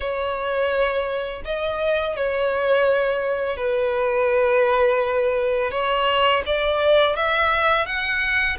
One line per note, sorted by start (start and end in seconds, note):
0.00 1.43 C#5
1.44 2.16 D#5
2.16 3.56 C#5
3.56 5.71 B4
5.71 6.43 C#5
6.45 7.16 D5
7.16 7.85 E5
7.85 8.57 F#5